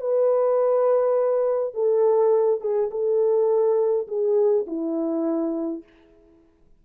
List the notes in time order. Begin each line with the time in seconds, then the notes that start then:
0.00 B4
1.74 A4
2.61 G#4
2.91 A4
4.07 G#4
4.67 E4